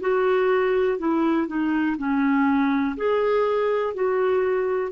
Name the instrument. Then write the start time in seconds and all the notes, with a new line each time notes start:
clarinet
0.00 F#4
0.98 E4
1.47 D#4
1.98 C#4
2.97 G#4
3.94 F#4